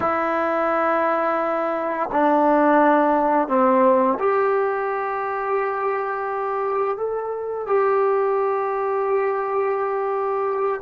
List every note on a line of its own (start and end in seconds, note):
0.00 2.09 E4
2.12 3.48 D4
3.48 4.17 C4
4.19 6.97 G4
6.97 7.66 A4
7.66 10.80 G4